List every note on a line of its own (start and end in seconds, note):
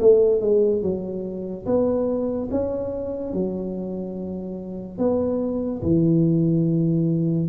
0.00 0.42 A3
0.42 0.83 G#3
0.83 1.66 F#3
1.66 2.50 B3
2.52 3.34 C#4
3.34 4.99 F#3
4.99 5.82 B3
5.83 7.49 E3